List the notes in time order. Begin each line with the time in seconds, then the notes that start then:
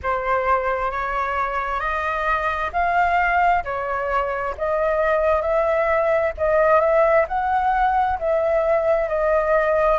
0.02 C5
0.91 C#5
1.79 D#5
2.72 F5
3.64 C#5
4.57 D#5
5.41 E5
6.37 D#5
6.80 E5
7.28 F#5
8.19 E5
9.08 D#5